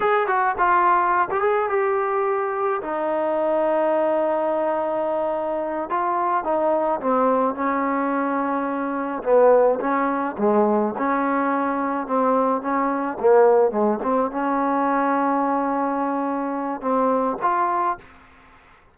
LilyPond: \new Staff \with { instrumentName = "trombone" } { \time 4/4 \tempo 4 = 107 gis'8 fis'8 f'4~ f'16 g'16 gis'8 g'4~ | g'4 dis'2.~ | dis'2~ dis'8 f'4 dis'8~ | dis'8 c'4 cis'2~ cis'8~ |
cis'8 b4 cis'4 gis4 cis'8~ | cis'4. c'4 cis'4 ais8~ | ais8 gis8 c'8 cis'2~ cis'8~ | cis'2 c'4 f'4 | }